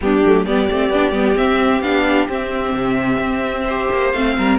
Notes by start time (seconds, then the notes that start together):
0.01 G3 B3 D4 G4
0.25 F#3 A3
0.45 G3 B3 G4 D5
0.70 A3 C4
0.89 B3 D4
1.11 G3 B3
1.36 C4 E5
1.81 B3 D4 F5
2.28 C4 E5
2.72 C3
3.18 C4
3.64 G4 C5
3.91 A#3
4.11 A3 C4 F5
4.37 G3 A#4